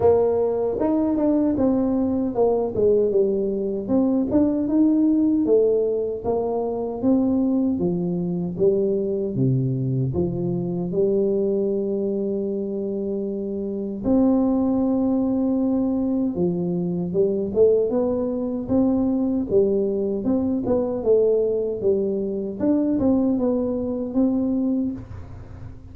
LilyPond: \new Staff \with { instrumentName = "tuba" } { \time 4/4 \tempo 4 = 77 ais4 dis'8 d'8 c'4 ais8 gis8 | g4 c'8 d'8 dis'4 a4 | ais4 c'4 f4 g4 | c4 f4 g2~ |
g2 c'2~ | c'4 f4 g8 a8 b4 | c'4 g4 c'8 b8 a4 | g4 d'8 c'8 b4 c'4 | }